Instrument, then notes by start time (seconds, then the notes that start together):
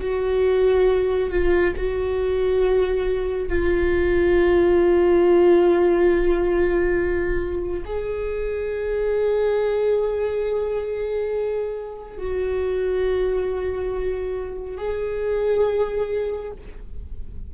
viola
0.00 F#4
1.30 F4
1.77 F#4
3.49 F4
7.85 G#4
12.18 F#4
14.78 G#4